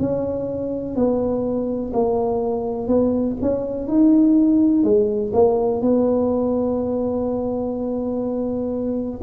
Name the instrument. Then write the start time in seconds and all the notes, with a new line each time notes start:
tuba
0.00 C#4
0.96 B3
1.94 A#3
2.88 B3
3.42 C#4
3.88 D#4
4.84 G#3
5.34 A#3
5.82 B3